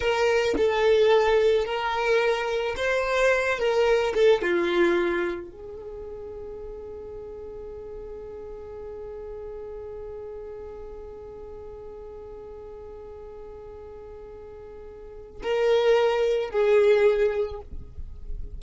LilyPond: \new Staff \with { instrumentName = "violin" } { \time 4/4 \tempo 4 = 109 ais'4 a'2 ais'4~ | ais'4 c''4. ais'4 a'8 | f'2 gis'2~ | gis'1~ |
gis'1~ | gis'1~ | gis'1 | ais'2 gis'2 | }